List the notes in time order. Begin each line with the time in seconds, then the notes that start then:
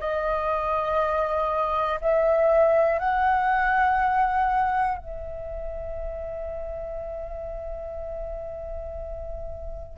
0.00 D#5
2.01 E5
2.99 F#5
4.98 E5